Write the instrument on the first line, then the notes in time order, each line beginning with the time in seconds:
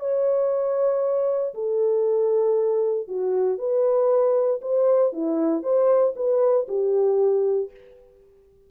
horn
0.00 C#5
1.54 A4
3.08 F#4
3.58 B4
4.62 C5
5.13 E4
5.63 C5
6.16 B4
6.68 G4